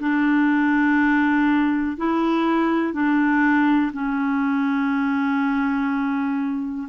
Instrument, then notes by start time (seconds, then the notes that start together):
clarinet
0.00 D4
1.97 E4
2.93 D4
3.93 C#4